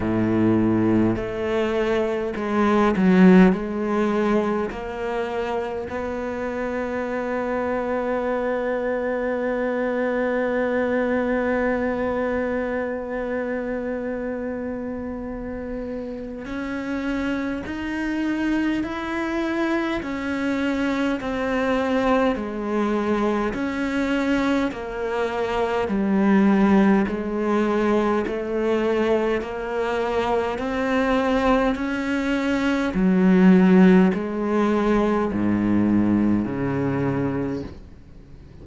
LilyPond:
\new Staff \with { instrumentName = "cello" } { \time 4/4 \tempo 4 = 51 a,4 a4 gis8 fis8 gis4 | ais4 b2.~ | b1~ | b2 cis'4 dis'4 |
e'4 cis'4 c'4 gis4 | cis'4 ais4 g4 gis4 | a4 ais4 c'4 cis'4 | fis4 gis4 gis,4 cis4 | }